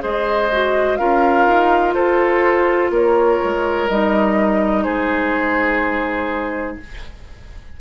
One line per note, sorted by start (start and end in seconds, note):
0.00 1.00 G#3
0.00 0.48 G#4
0.00 0.99 C5
0.00 0.96 D#5
0.52 0.98 F#4
0.96 1.47 C#4
0.96 3.89 F4
0.96 1.94 A#4
0.96 1.93 F5
1.47 1.95 D#4
1.94 2.90 F4
1.94 2.91 A4
1.94 2.91 C5
2.90 3.39 A#3
2.90 4.83 A#4
2.90 3.88 C#5
3.44 3.89 G#3
3.88 4.85 G3
3.88 6.80 D#4
3.88 4.83 D#5
4.83 6.79 G#3
4.83 6.77 G#4
4.83 6.77 C5